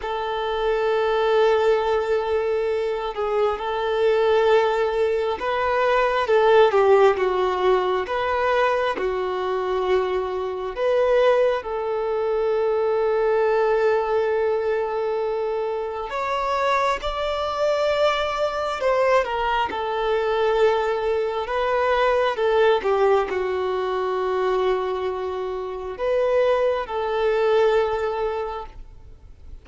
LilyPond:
\new Staff \with { instrumentName = "violin" } { \time 4/4 \tempo 4 = 67 a'2.~ a'8 gis'8 | a'2 b'4 a'8 g'8 | fis'4 b'4 fis'2 | b'4 a'2.~ |
a'2 cis''4 d''4~ | d''4 c''8 ais'8 a'2 | b'4 a'8 g'8 fis'2~ | fis'4 b'4 a'2 | }